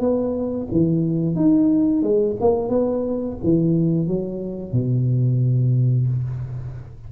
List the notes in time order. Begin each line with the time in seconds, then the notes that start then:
0.00 B3
0.71 E3
1.35 D#4
2.03 G#3
2.40 A#3
2.69 B3
3.44 E3
4.07 F#3
4.72 B2